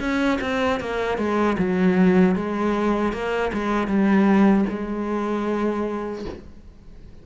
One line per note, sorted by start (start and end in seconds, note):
0.00 0.39 C#4
0.41 0.80 C4
0.80 1.18 A#3
1.18 1.57 G#3
1.59 2.36 F#3
2.36 3.13 G#3
3.13 3.52 A#3
3.53 3.87 G#3
3.87 4.65 G3
4.69 6.25 G#3